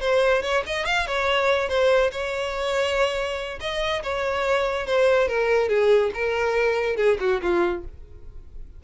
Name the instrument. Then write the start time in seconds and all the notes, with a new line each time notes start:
violin
0.00 C5
0.42 C#5
0.66 D#5
0.85 F5
1.07 C#5
1.68 C5
2.11 C#5
3.60 D#5
4.03 C#5
4.86 C5
5.27 A#4
5.68 G#4
6.14 A#4
6.96 G#4
7.19 F#4
7.42 F4